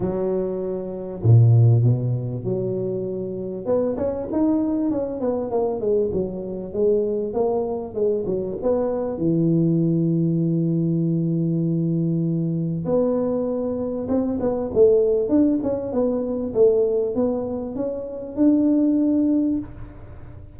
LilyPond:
\new Staff \with { instrumentName = "tuba" } { \time 4/4 \tempo 4 = 98 fis2 ais,4 b,4 | fis2 b8 cis'8 dis'4 | cis'8 b8 ais8 gis8 fis4 gis4 | ais4 gis8 fis8 b4 e4~ |
e1~ | e4 b2 c'8 b8 | a4 d'8 cis'8 b4 a4 | b4 cis'4 d'2 | }